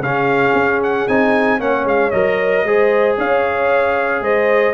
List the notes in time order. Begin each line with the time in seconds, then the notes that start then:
0.00 C#3 C#4 G#4 F5
0.54 C#4
0.84 F#5
1.08 C4 D#4 G#5
1.60 A#3 C#4 C#5 F#5
1.85 G#3 F5
2.11 F#3 A#4 D#5
2.64 G#3 G#4 C5
3.18 C#4 C#5 F5
4.21 G#3 C5 D#5